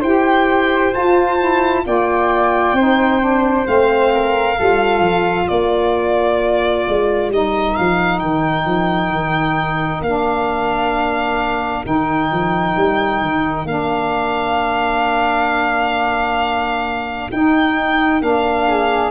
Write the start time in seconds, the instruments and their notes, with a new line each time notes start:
0.00 tuba E4, saxophone G4, flute C5, violin G5
0.92 saxophone F4, tuba F4, violin A5
1.38 saxophone E4
1.85 tuba A#3, saxophone F4, flute D5, violin G5
2.73 tuba C4, saxophone D#4, flute C5
3.20 saxophone D4
3.65 tuba A3, saxophone C4, violin F5
4.14 flute A#4
4.58 tuba G3, saxophone F4, flute A4
4.99 tuba F3
5.45 tuba A#3, flute A#4, violin D5
6.87 tuba G#3
7.28 tuba G3, saxophone D#4, violin D#5
7.76 tuba F3, violin F5
8.19 tuba D#3, violin G5
8.65 tuba F3
9.11 tuba D#3
10.01 tuba A#3, saxophone D4, violin F5
11.84 tuba D#3, saxophone D#4, violin G5
12.31 tuba F3
12.76 tuba G3
13.21 tuba D#3
13.64 tuba A#3, saxophone D4, violin F5
17.30 saxophone D#4, tuba D#4, violin G5
18.20 tuba A#3, saxophone D4, violin F5
18.67 flute G#4